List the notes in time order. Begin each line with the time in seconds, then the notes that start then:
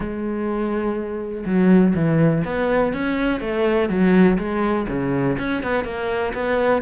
0.00 G#3
1.45 F#3
1.95 E3
2.44 B3
2.93 C#4
3.40 A3
3.89 F#3
4.38 G#3
4.88 C#3
5.38 C#4
5.63 B3
5.84 A#3
6.33 B3